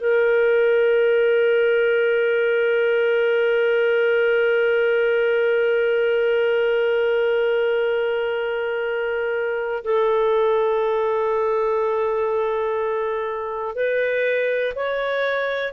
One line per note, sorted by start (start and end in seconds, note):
0.00 9.84 A#4
9.84 13.75 A4
13.75 14.74 B4
14.75 15.73 C#5